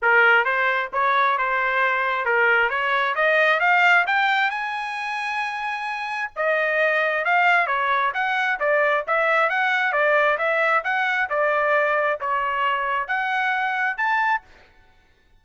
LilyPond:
\new Staff \with { instrumentName = "trumpet" } { \time 4/4 \tempo 4 = 133 ais'4 c''4 cis''4 c''4~ | c''4 ais'4 cis''4 dis''4 | f''4 g''4 gis''2~ | gis''2 dis''2 |
f''4 cis''4 fis''4 d''4 | e''4 fis''4 d''4 e''4 | fis''4 d''2 cis''4~ | cis''4 fis''2 a''4 | }